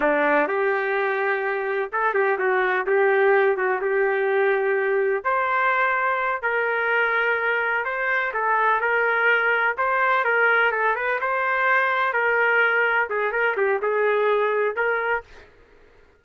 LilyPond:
\new Staff \with { instrumentName = "trumpet" } { \time 4/4 \tempo 4 = 126 d'4 g'2. | a'8 g'8 fis'4 g'4. fis'8 | g'2. c''4~ | c''4. ais'2~ ais'8~ |
ais'8 c''4 a'4 ais'4.~ | ais'8 c''4 ais'4 a'8 b'8 c''8~ | c''4. ais'2 gis'8 | ais'8 g'8 gis'2 ais'4 | }